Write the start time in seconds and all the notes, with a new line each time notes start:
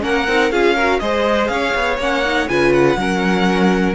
0.00 A#3 C#4 A#4 F#5
0.27 C4 D#4
0.51 C#4 F4 G#4 F5
0.74 F#4 A#4
0.99 G#3 G#4 C5 D#5
1.47 C#4 C#5 F5
1.74 B3
1.98 A#3 C#4 F#5
2.25 D#4
2.48 C#3 F4 B4 G#5
2.73 F#5
2.96 F#3 C#4 A#4